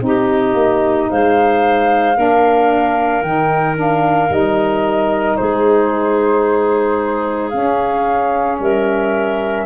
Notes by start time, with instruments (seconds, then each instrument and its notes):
0.00 tuba C4, saxophone D#4, flute D#5
0.07 clarinet G4
0.55 tuba A#3
1.10 tuba G#3, clarinet C5, flute F5
2.16 tuba A#3, saxophone D4, clarinet A#4
3.23 tuba D#3, saxophone D#4, flute G5
3.76 saxophone D4, flute F5
4.30 tuba G3, saxophone D#4, flute D#5
5.37 tuba G#3, clarinet G#4, flute C5
7.50 saxophone C#4, tuba C#4, flute F5
8.60 tuba G3, clarinet A#4, flute E5